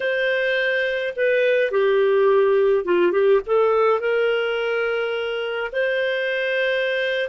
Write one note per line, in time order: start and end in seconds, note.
0.00 1.14 C5
1.16 1.71 B4
1.71 2.84 G4
2.84 3.11 F4
3.11 3.40 G4
3.46 3.99 A4
3.99 5.71 A#4
5.72 7.29 C5